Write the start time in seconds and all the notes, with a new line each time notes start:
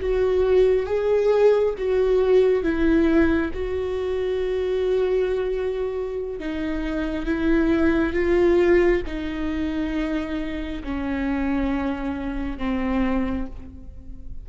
0.00 F#4
0.86 G#4
1.78 F#4
2.63 E4
3.53 F#4
6.39 D#4
7.25 E4
8.13 F4
9.06 D#4
10.83 C#4
12.57 C4